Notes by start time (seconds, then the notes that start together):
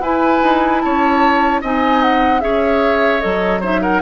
0.00 E4 B4 G#5
0.43 D#4
0.81 C#4 C#5 A5
1.62 C4 D#4 D#5 G#5
2.02 F#5
2.41 C#4 G#4 C#5 E5
3.21 F#3 A4 D#5
3.61 D#4 C5 E5
3.82 A#4 F#5